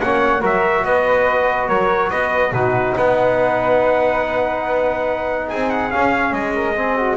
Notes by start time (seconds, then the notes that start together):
0.00 A#3 C#4 C#5 F#5
0.41 F#3 F#4 A#4 E5
0.85 B3 B4 D#5
1.68 F#3 A#4 C#5
2.10 B3 B4 D#5
2.52 B2 D#4 F#4 B4
2.96 B3 B4 F#5
5.48 C4 G#4 G#5
5.70 F#5
5.91 C#4 F5
6.32 G#3 D#5
6.55 A#4
6.76 C4 G#4
6.97 F#4